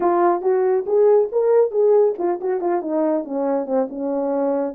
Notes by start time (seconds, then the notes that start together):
0.00 F4
0.41 F#4
0.86 G#4
1.31 A#4
1.71 G#4
2.18 F4
2.41 F#4
2.60 F4
2.81 D#4
3.24 C#4
3.66 C4
3.89 C#4